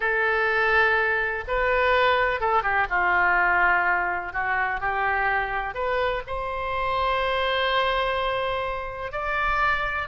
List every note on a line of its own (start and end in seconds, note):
0.00 1.44 A4
1.47 2.40 B4
2.40 2.63 A4
2.63 2.87 G4
2.89 4.32 F4
4.32 4.80 F#4
4.80 5.74 G4
5.74 6.22 B4
6.26 9.12 C5
9.12 10.08 D5